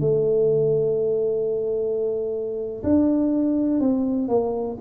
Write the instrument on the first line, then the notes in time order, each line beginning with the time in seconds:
tuba
0.00 A3
2.83 D4
3.80 C4
4.28 A#3